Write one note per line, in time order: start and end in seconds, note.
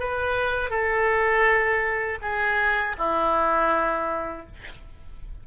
0.00 0.70 B4
0.70 2.19 A4
2.22 2.96 G#4
2.99 4.47 E4